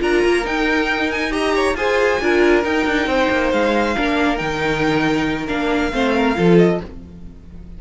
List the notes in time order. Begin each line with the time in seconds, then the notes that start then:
0.00 D4 F4 A#4 A#5
0.25 A#3
0.45 D#4 G5
1.12 G#5
1.31 G4 D#5 A#5
1.55 C#5
1.75 F4 G#4 C5 G#5
2.21 D4 F4 A#4
2.64 D#4 G5
2.87 D4
3.07 C4 C5
3.31 A#3
3.52 G#3 F5
3.96 A#3 D4 A#4
4.37 D#3 D#4 G5
5.48 A#3 D4 F5
5.93 A3 C4 C5
6.16 A#4
6.36 F3 F4 A4
6.58 D#5